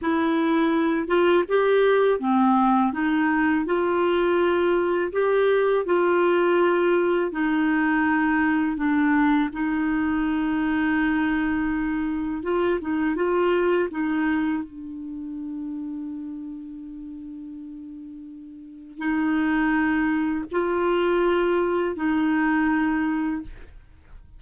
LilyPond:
\new Staff \with { instrumentName = "clarinet" } { \time 4/4 \tempo 4 = 82 e'4. f'8 g'4 c'4 | dis'4 f'2 g'4 | f'2 dis'2 | d'4 dis'2.~ |
dis'4 f'8 dis'8 f'4 dis'4 | d'1~ | d'2 dis'2 | f'2 dis'2 | }